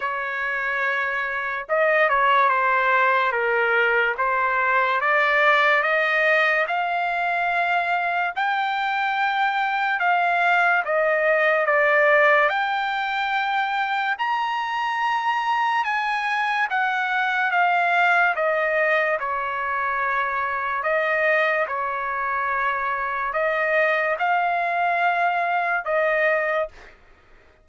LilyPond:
\new Staff \with { instrumentName = "trumpet" } { \time 4/4 \tempo 4 = 72 cis''2 dis''8 cis''8 c''4 | ais'4 c''4 d''4 dis''4 | f''2 g''2 | f''4 dis''4 d''4 g''4~ |
g''4 ais''2 gis''4 | fis''4 f''4 dis''4 cis''4~ | cis''4 dis''4 cis''2 | dis''4 f''2 dis''4 | }